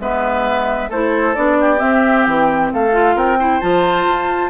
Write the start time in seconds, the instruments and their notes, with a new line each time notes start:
0.00 bassoon G#3, clarinet B3, oboe B4, flute E5
0.90 bassoon A3, clarinet E4, oboe A4, flute C5
1.35 bassoon B3, clarinet D4, flute D5
1.61 oboe G4
1.78 clarinet C4, bassoon C4, flute E5
2.24 bassoon E3, flute G5
2.73 bassoon A3, oboe A4, flute F5
2.93 clarinet F4
3.16 bassoon C4, oboe A#4, flute G5
3.39 clarinet E4, oboe C5
3.61 bassoon F3, clarinet F4, flute A5
4.07 bassoon F4